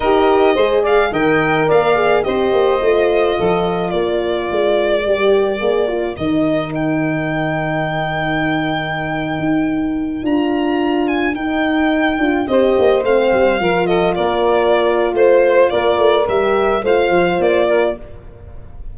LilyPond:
<<
  \new Staff \with { instrumentName = "violin" } { \time 4/4 \tempo 4 = 107 dis''4. f''8 g''4 f''4 | dis''2. d''4~ | d''2. dis''4 | g''1~ |
g''2~ g''16 ais''4. gis''16~ | gis''16 g''2 dis''4 f''8.~ | f''8. dis''8 d''4.~ d''16 c''4 | d''4 e''4 f''4 d''4 | }
  \new Staff \with { instrumentName = "saxophone" } { \time 4/4 ais'4 c''8 d''8 dis''4 d''4 | c''2 a'4 ais'4~ | ais'1~ | ais'1~ |
ais'1~ | ais'2~ ais'16 c''4.~ c''16~ | c''16 ais'8 a'8 ais'4.~ ais'16 c''4 | ais'2 c''4. ais'8 | }
  \new Staff \with { instrumentName = "horn" } { \time 4/4 g'4 gis'4 ais'4. gis'8 | g'4 f'2.~ | f'4 g'4 gis'8 f'8 dis'4~ | dis'1~ |
dis'2~ dis'16 f'4.~ f'16~ | f'16 dis'4. f'8 g'4 c'8.~ | c'16 f'2.~ f'8.~ | f'4 g'4 f'2 | }
  \new Staff \with { instrumentName = "tuba" } { \time 4/4 dis'4 gis4 dis4 ais4 | c'8 ais8 a4 f4 ais4 | gis4 g4 ais4 dis4~ | dis1~ |
dis8. dis'4. d'4.~ d'16~ | d'16 dis'4. d'8 c'8 ais8 a8 g16~ | g16 f4 ais4.~ ais16 a4 | ais8 a8 g4 a8 f8 ais4 | }
>>